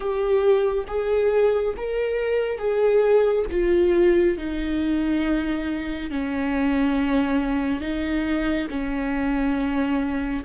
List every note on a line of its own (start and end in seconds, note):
0.00 0.84 G4
0.87 1.74 G#4
1.76 2.58 A#4
2.58 3.45 G#4
3.50 4.37 F4
4.37 6.10 D#4
6.10 7.80 C#4
7.80 8.67 D#4
8.70 10.43 C#4